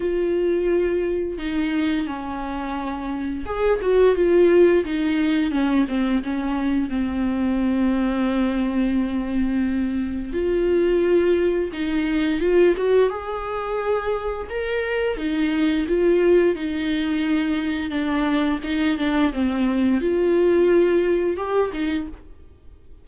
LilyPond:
\new Staff \with { instrumentName = "viola" } { \time 4/4 \tempo 4 = 87 f'2 dis'4 cis'4~ | cis'4 gis'8 fis'8 f'4 dis'4 | cis'8 c'8 cis'4 c'2~ | c'2. f'4~ |
f'4 dis'4 f'8 fis'8 gis'4~ | gis'4 ais'4 dis'4 f'4 | dis'2 d'4 dis'8 d'8 | c'4 f'2 g'8 dis'8 | }